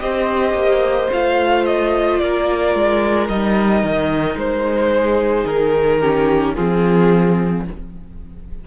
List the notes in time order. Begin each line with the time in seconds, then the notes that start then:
0.00 C4 G4 C5 D#5
0.53 A#3
1.12 A3 F4 F5
1.66 D#5
2.18 A#3 A#4 D5
2.75 G#3
3.29 G3 D#4 D#5
3.83 D#3
4.36 G#3 C5
4.92 G#4
5.46 D#3 A#4
6.00 C#4 G4
6.55 F3 C4 F4 G#4